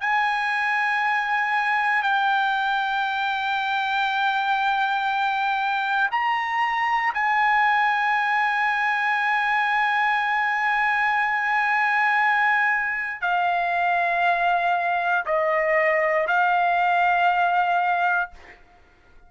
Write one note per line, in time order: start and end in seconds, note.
0.00 2.02 G#5
2.02 6.09 G5
6.11 7.13 A#5
7.14 13.21 G#5
13.21 15.24 F5
15.25 16.27 D#5
16.27 18.31 F5